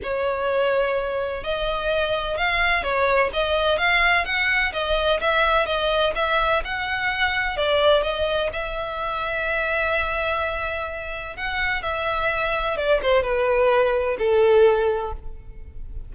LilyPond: \new Staff \with { instrumentName = "violin" } { \time 4/4 \tempo 4 = 127 cis''2. dis''4~ | dis''4 f''4 cis''4 dis''4 | f''4 fis''4 dis''4 e''4 | dis''4 e''4 fis''2 |
d''4 dis''4 e''2~ | e''1 | fis''4 e''2 d''8 c''8 | b'2 a'2 | }